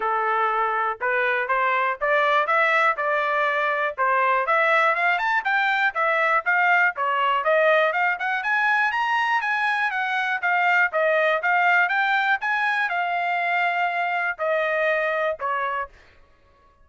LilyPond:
\new Staff \with { instrumentName = "trumpet" } { \time 4/4 \tempo 4 = 121 a'2 b'4 c''4 | d''4 e''4 d''2 | c''4 e''4 f''8 a''8 g''4 | e''4 f''4 cis''4 dis''4 |
f''8 fis''8 gis''4 ais''4 gis''4 | fis''4 f''4 dis''4 f''4 | g''4 gis''4 f''2~ | f''4 dis''2 cis''4 | }